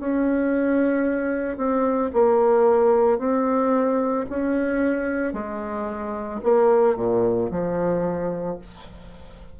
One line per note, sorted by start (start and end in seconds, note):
0.00 1.57 C#4
1.57 2.11 C4
2.13 3.19 A#3
3.19 4.26 C4
4.30 5.33 C#4
5.33 6.40 G#3
6.43 6.96 A#3
6.96 7.50 A#2
7.51 8.58 F3